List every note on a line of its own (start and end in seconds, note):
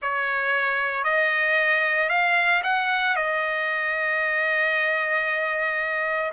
0.02 1.03 C#5
1.03 2.09 D#5
2.09 2.62 F5
2.63 3.16 F#5
3.16 6.32 D#5